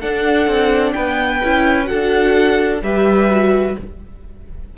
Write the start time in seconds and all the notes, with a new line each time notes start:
0.00 D4 A4 F#5
0.47 C4
0.93 B3 B4 G5
1.44 C#4 E4
1.85 F#4 A4 F#5
1.91 D4
2.82 G3 G4 B4 E5
3.30 F#4